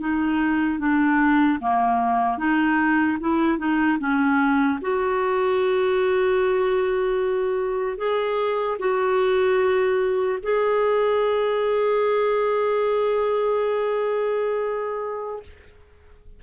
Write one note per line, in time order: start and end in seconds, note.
0.00 0.79 D#4
0.79 1.59 D4
1.60 2.37 A#3
2.37 3.17 D#4
3.20 3.58 E4
3.58 3.98 D#4
3.99 4.79 C#4
4.81 7.97 F#4
7.97 8.77 G#4
8.79 10.39 F#4
10.43 15.43 G#4